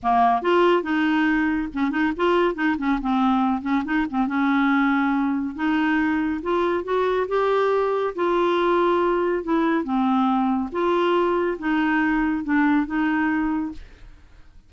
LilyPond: \new Staff \with { instrumentName = "clarinet" } { \time 4/4 \tempo 4 = 140 ais4 f'4 dis'2 | cis'8 dis'8 f'4 dis'8 cis'8 c'4~ | c'8 cis'8 dis'8 c'8 cis'2~ | cis'4 dis'2 f'4 |
fis'4 g'2 f'4~ | f'2 e'4 c'4~ | c'4 f'2 dis'4~ | dis'4 d'4 dis'2 | }